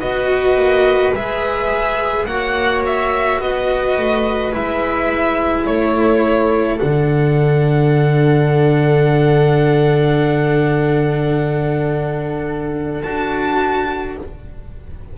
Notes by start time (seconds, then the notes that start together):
0.00 B3 F#4 B4 D#5
0.56 A#3
1.13 G#3 G#4 E5
2.25 A#3 F#4 C#5 F#5
2.86 E5
3.40 B3 B4 D#5
3.97 A3
4.52 G#3 E4 E5
5.66 A3 A4 C#5
6.79 D3 D4 F#5
13.03 D4 F#4 A5